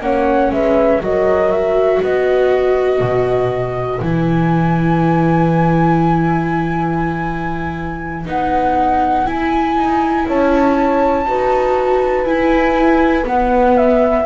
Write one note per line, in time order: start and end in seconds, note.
0.00 0.50 A#3
0.00 1.01 C#4
0.00 0.52 C#5
0.00 0.51 F#5
0.50 1.00 G#3
0.50 1.03 B4
0.50 1.01 E5
1.01 2.01 F#3
1.01 4.01 F#4
1.01 2.01 A#4
1.01 1.51 D#5
1.51 2.01 E5
2.01 3.00 B3
2.01 10.26 B4
2.01 4.00 D#5
3.00 4.00 B2
4.00 8.26 E3
4.00 8.25 E4
4.00 8.25 G#5
8.25 9.26 B3
8.25 9.25 D#4
8.25 9.27 F#5
9.25 11.25 E4
9.25 9.76 E4
9.25 10.27 G#5
9.76 10.26 D#4
10.26 11.26 C#4
10.26 11.26 C#5
10.26 12.25 A5
11.26 12.24 D#4
11.26 12.26 F#4
11.26 14.25 B4
12.24 13.24 E4
12.24 13.25 E4
12.24 13.25 G#5
13.25 14.25 B3
13.25 13.77 F#5
13.77 14.25 E5